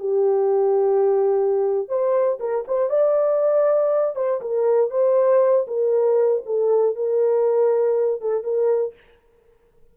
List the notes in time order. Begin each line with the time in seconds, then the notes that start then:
0.00 G4
1.89 C5
2.40 A#4
2.68 C5
2.90 D5
4.16 C5
4.41 A#4
4.91 C5
5.67 A#4
6.46 A4
6.96 A#4
8.21 A4
8.44 A#4